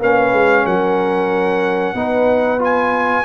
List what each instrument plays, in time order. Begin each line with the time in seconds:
0.00 tuba A#3, trombone C#4, horn B4, trumpet F5
0.33 tuba G#3
0.65 tuba F#3, horn A#4, trumpet F#5
1.94 tuba B3, trombone D#4, horn B4
2.59 trombone F4, trumpet G#5